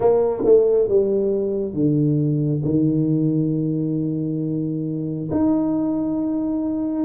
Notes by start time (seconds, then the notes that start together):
0.00 A#3
0.44 A3
0.88 G3
1.73 D3
2.64 D#3
5.31 D#4